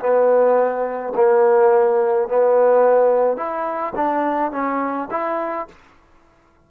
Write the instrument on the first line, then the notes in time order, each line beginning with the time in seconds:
trombone
0.00 B3
1.15 A#3
2.28 B3
3.37 E4
3.96 D4
4.52 C#4
5.11 E4